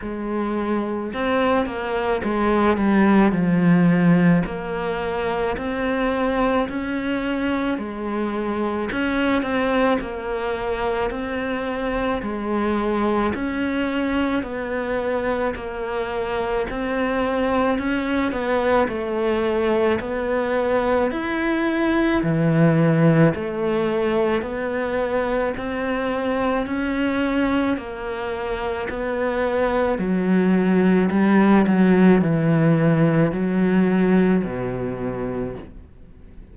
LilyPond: \new Staff \with { instrumentName = "cello" } { \time 4/4 \tempo 4 = 54 gis4 c'8 ais8 gis8 g8 f4 | ais4 c'4 cis'4 gis4 | cis'8 c'8 ais4 c'4 gis4 | cis'4 b4 ais4 c'4 |
cis'8 b8 a4 b4 e'4 | e4 a4 b4 c'4 | cis'4 ais4 b4 fis4 | g8 fis8 e4 fis4 b,4 | }